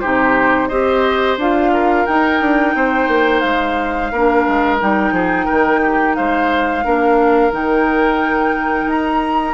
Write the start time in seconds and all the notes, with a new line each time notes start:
0.00 C3 D#4 G4 C5
0.68 C4 G4 C5 D#5
1.37 D4 F4 F5
1.73 A#4
2.06 D#4 G5
2.40 D4
2.74 C4 C5
3.07 A#3
3.40 G#3 F5
4.12 A#3 D4 A#4
4.47 G#3
4.79 G3 D#4 G5
5.11 F3 G#4
5.45 D#3 A#4
5.82 G4
6.15 G#3 C5 F5
6.83 A#3 D4 A#4
7.51 D#3 D#4 G5
8.85 D#4 A#5